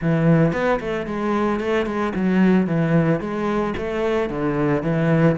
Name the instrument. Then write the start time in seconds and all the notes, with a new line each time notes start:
cello
0.01 E3
0.52 B3
0.80 A3
1.06 G#3
1.60 A3
1.86 G#3
2.15 F#3
2.66 E3
3.20 G#3
3.77 A3
4.29 D3
4.83 E3